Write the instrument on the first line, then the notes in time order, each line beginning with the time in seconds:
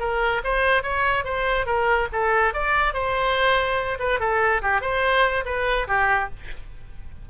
oboe
0.00 A#4
0.45 C5
0.83 C#5
1.25 C5
1.66 A#4
2.13 A4
2.54 D5
2.94 C5
4.00 B4
4.20 A4
4.63 G4
4.82 C5
5.46 B4
5.88 G4